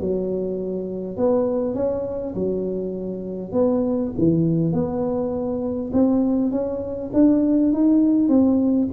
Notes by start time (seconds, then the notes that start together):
0.00 F#3
1.17 B3
1.74 C#4
2.34 F#3
3.52 B3
4.17 E3
4.72 B3
5.92 C4
6.50 C#4
7.13 D4
7.72 D#4
8.28 C4